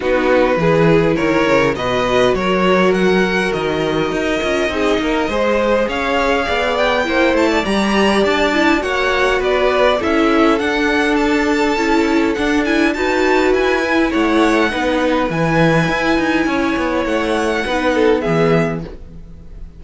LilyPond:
<<
  \new Staff \with { instrumentName = "violin" } { \time 4/4 \tempo 4 = 102 b'2 cis''4 dis''4 | cis''4 fis''4 dis''2~ | dis''2 f''4. g''8~ | g''8 a''8 ais''4 a''4 fis''4 |
d''4 e''4 fis''4 a''4~ | a''4 fis''8 gis''8 a''4 gis''4 | fis''2 gis''2~ | gis''4 fis''2 e''4 | }
  \new Staff \with { instrumentName = "violin" } { \time 4/4 fis'4 gis'4 ais'4 b'4 | ais'1 | gis'8 ais'8 c''4 cis''4 d''4 | c''8. d''2~ d''16 cis''4 |
b'4 a'2.~ | a'2 b'2 | cis''4 b'2. | cis''2 b'8 a'8 gis'4 | }
  \new Staff \with { instrumentName = "viola" } { \time 4/4 dis'4 e'2 fis'4~ | fis'2.~ fis'8 f'8 | dis'4 gis'2. | e'4 g'4. e'8 fis'4~ |
fis'4 e'4 d'2 | e'4 d'8 e'8 fis'4. e'8~ | e'4 dis'4 e'2~ | e'2 dis'4 b4 | }
  \new Staff \with { instrumentName = "cello" } { \time 4/4 b4 e4 dis8 cis8 b,4 | fis2 dis4 dis'8 cis'8 | c'8 ais8 gis4 cis'4 b4 | ais8 a8 g4 d'4 ais4 |
b4 cis'4 d'2 | cis'4 d'4 dis'4 e'4 | a4 b4 e4 e'8 dis'8 | cis'8 b8 a4 b4 e4 | }
>>